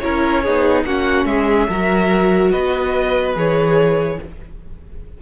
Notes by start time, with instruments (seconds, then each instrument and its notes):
0.00 cello C#4, viola E4, violin A#4 C#5
0.43 cello B3, viola D#4, violin G#4
0.84 cello A#3, viola C#4, violin F#4 F#5
1.25 cello G#3, violin G#4 E5
1.69 cello F#3, viola F#4, violin A#4
2.51 cello B3, violin B4 D#5
3.35 cello E3, viola G#4, violin C#5